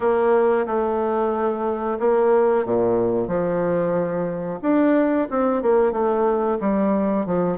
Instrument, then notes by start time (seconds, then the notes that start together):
bassoon
0.00 A#3
0.66 A3
1.99 A#3
2.65 A#2
3.27 F3
4.62 D4
5.30 C4
5.62 A#3
5.92 A3
6.60 G3
7.26 F3